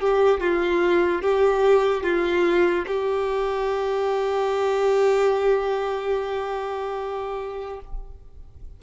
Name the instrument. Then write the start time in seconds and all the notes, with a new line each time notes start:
violin
0.00 G4
0.41 F4
1.22 G4
2.03 F4
2.87 G4